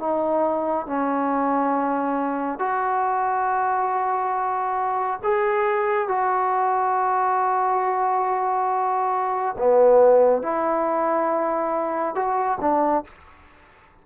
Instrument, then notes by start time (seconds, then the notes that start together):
trombone
0.00 D#4
0.87 C#4
2.59 F#4
5.24 G#4
6.09 F#4
9.58 B3
10.42 E4
12.15 F#4
12.61 D4